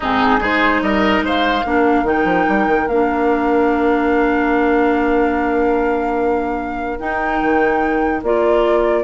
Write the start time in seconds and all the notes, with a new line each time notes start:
0.00 G#2 C4 D#4 G#4
0.39 G#3 D#4 G#4 C5
0.82 G3 A#4 D#5
1.21 G#3 C5 F5
1.65 A#3 D4 A#4
2.03 D#3 D#4 G5
2.24 F3
2.48 G3
2.67 D#3
2.87 A#3 D4 F5
6.99 D#4 G5
7.42 D#3
8.22 A#3 F4 D5